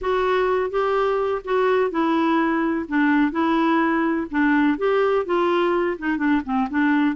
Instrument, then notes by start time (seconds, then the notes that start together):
clarinet
0.01 F#4
0.70 G4
1.44 F#4
1.90 E4
2.88 D4
3.31 E4
4.30 D4
4.78 G4
5.25 F4
5.98 D#4
6.17 D4
6.44 C4
6.69 D4